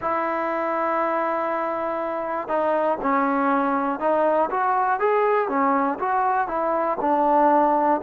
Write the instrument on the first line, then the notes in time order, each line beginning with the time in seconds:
trombone
0.00 E4
2.48 D#4
3.01 C#4
3.99 D#4
4.50 F#4
4.99 G#4
5.48 C#4
5.99 F#4
6.47 E4
7.00 D4